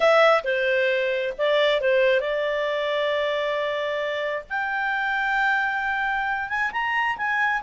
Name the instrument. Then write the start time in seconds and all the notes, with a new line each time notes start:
clarinet
0.00 E5
0.44 C5
1.38 D5
1.81 C5
2.20 D5
4.49 G5
6.49 G#5
6.72 A#5
7.17 G#5